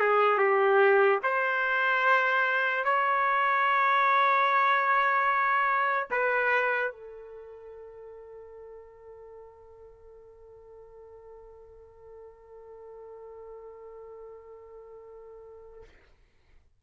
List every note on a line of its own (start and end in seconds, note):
0.00 0.38 G#4
0.38 1.19 G4
1.23 2.85 C5
2.85 6.09 C#5
6.11 6.91 B4
6.91 15.83 A4